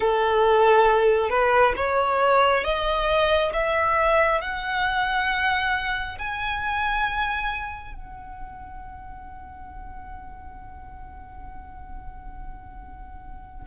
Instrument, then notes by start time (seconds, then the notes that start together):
violin
0.00 A4
1.29 B4
1.76 C#5
2.64 D#5
3.53 E5
4.41 F#5
6.18 G#5
7.94 F#5